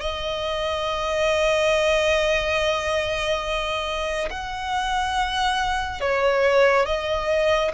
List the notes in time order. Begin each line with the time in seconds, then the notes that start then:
0.00 D#5
4.30 F#5
6.00 C#5
6.85 D#5